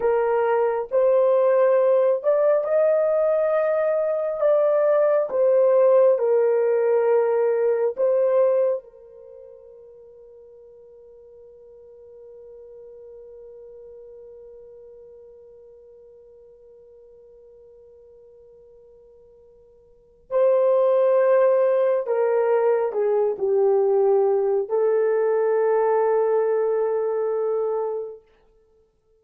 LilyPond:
\new Staff \with { instrumentName = "horn" } { \time 4/4 \tempo 4 = 68 ais'4 c''4. d''8 dis''4~ | dis''4 d''4 c''4 ais'4~ | ais'4 c''4 ais'2~ | ais'1~ |
ais'1~ | ais'2. c''4~ | c''4 ais'4 gis'8 g'4. | a'1 | }